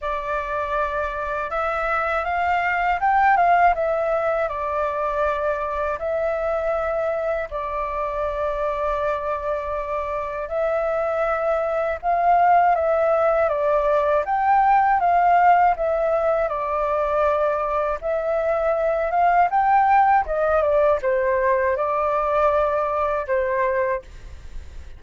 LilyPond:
\new Staff \with { instrumentName = "flute" } { \time 4/4 \tempo 4 = 80 d''2 e''4 f''4 | g''8 f''8 e''4 d''2 | e''2 d''2~ | d''2 e''2 |
f''4 e''4 d''4 g''4 | f''4 e''4 d''2 | e''4. f''8 g''4 dis''8 d''8 | c''4 d''2 c''4 | }